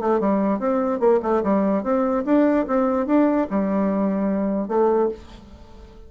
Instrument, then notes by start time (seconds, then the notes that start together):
bassoon
0.00 A3
0.20 G3
0.59 C4
0.99 A#3
1.22 A3
1.43 G3
1.83 C4
2.25 D4
2.67 C4
3.06 D4
3.50 G3
4.68 A3